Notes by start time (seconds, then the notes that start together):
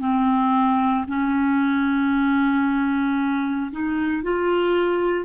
0.00 C4
1.08 C#4
3.71 D#4
4.22 F4